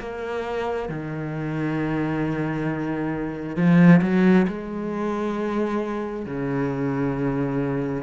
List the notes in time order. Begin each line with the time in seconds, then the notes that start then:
0.00 A#3
0.90 D#3
3.57 F3
4.02 F#3
4.48 G#3
6.26 C#3